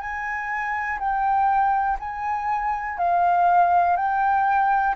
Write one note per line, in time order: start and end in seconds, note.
0.00 0.98 G#5
0.99 1.97 G5
1.99 2.97 G#5
2.97 3.96 F5
3.96 4.94 G5